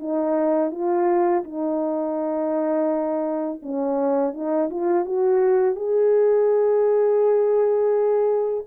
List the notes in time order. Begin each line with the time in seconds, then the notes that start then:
0.00 D#4
0.72 F4
1.44 D#4
3.63 C#4
4.34 D#4
4.71 F4
5.06 F#4
5.76 G#4